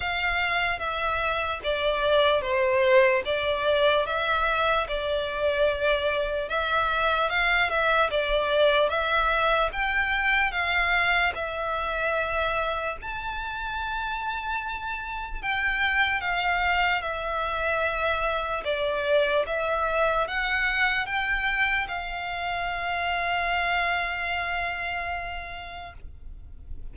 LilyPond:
\new Staff \with { instrumentName = "violin" } { \time 4/4 \tempo 4 = 74 f''4 e''4 d''4 c''4 | d''4 e''4 d''2 | e''4 f''8 e''8 d''4 e''4 | g''4 f''4 e''2 |
a''2. g''4 | f''4 e''2 d''4 | e''4 fis''4 g''4 f''4~ | f''1 | }